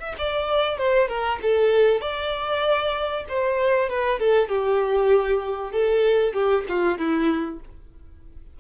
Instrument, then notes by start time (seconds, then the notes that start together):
violin
0.00 E5
0.19 D5
0.78 C5
1.09 A#4
1.42 A4
2.01 D5
3.29 C5
3.90 B4
4.20 A4
4.49 G4
5.72 A4
6.34 G4
6.69 F4
6.98 E4